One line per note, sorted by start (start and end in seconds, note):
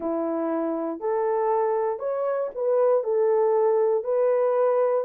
0.00 1.00 E4
1.00 1.99 A4
1.99 2.49 C#5
2.54 3.03 B4
3.03 4.04 A4
4.04 5.04 B4